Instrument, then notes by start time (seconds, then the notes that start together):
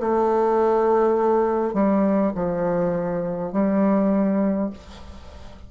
bassoon
0.00 A3
1.74 G3
2.35 F3
3.52 G3